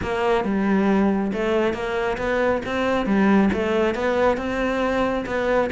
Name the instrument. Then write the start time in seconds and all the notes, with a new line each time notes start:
cello
0.02 A#3
0.44 G3
1.33 A3
1.73 A#3
2.17 B3
2.65 C4
3.06 G3
3.53 A3
3.94 B3
4.37 C4
5.26 B3